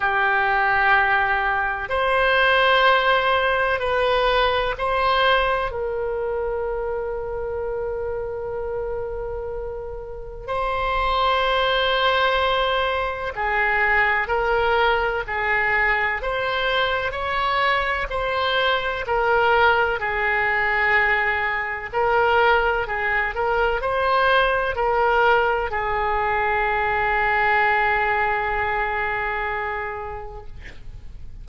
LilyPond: \new Staff \with { instrumentName = "oboe" } { \time 4/4 \tempo 4 = 63 g'2 c''2 | b'4 c''4 ais'2~ | ais'2. c''4~ | c''2 gis'4 ais'4 |
gis'4 c''4 cis''4 c''4 | ais'4 gis'2 ais'4 | gis'8 ais'8 c''4 ais'4 gis'4~ | gis'1 | }